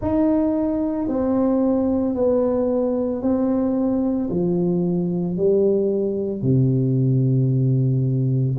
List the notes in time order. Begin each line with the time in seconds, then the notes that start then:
0.01 D#4
1.08 C4
2.14 B3
3.21 C4
4.30 F3
5.36 G3
6.41 C3